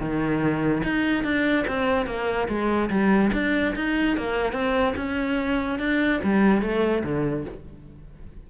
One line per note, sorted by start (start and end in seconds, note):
0.00 0.83 D#3
0.84 1.24 D#4
1.24 1.66 D4
1.68 2.07 C4
2.07 2.48 A#3
2.48 2.90 G#3
2.90 3.31 G3
3.33 3.75 D4
3.76 4.17 D#4
4.17 4.53 A#3
4.53 4.94 C4
4.97 5.79 C#4
5.79 6.21 D4
6.24 6.62 G3
6.62 7.03 A3
7.04 7.45 D3